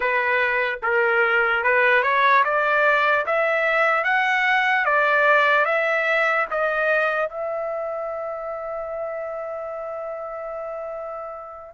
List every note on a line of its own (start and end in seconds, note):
0.00 0.79 B4
0.82 1.63 A#4
1.63 2.03 B4
2.03 2.43 C#5
2.44 3.25 D5
3.25 4.04 E5
4.04 4.85 F#5
4.85 5.65 D5
5.65 6.46 E5
6.50 7.29 D#5
7.29 11.74 E5